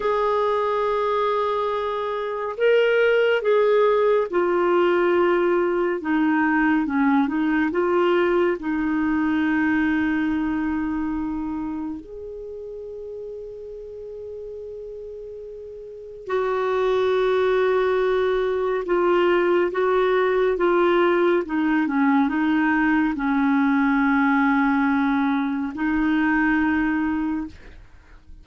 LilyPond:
\new Staff \with { instrumentName = "clarinet" } { \time 4/4 \tempo 4 = 70 gis'2. ais'4 | gis'4 f'2 dis'4 | cis'8 dis'8 f'4 dis'2~ | dis'2 gis'2~ |
gis'2. fis'4~ | fis'2 f'4 fis'4 | f'4 dis'8 cis'8 dis'4 cis'4~ | cis'2 dis'2 | }